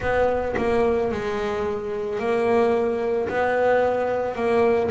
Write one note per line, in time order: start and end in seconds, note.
0.00 0.55 B3
0.57 1.11 A#3
1.11 2.19 G#3
2.19 3.28 A#3
3.28 4.35 B3
4.35 4.89 A#3